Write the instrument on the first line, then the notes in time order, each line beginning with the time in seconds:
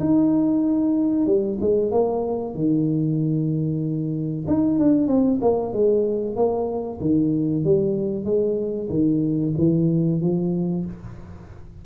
tuba
0.00 D#4
1.27 G3
1.61 G#3
1.91 A#3
2.55 D#3
4.48 D#4
4.79 D4
5.08 C4
5.42 A#3
5.73 G#3
6.36 A#3
7.01 D#3
7.64 G3
8.25 G#3
8.90 D#3
9.58 E3
10.21 F3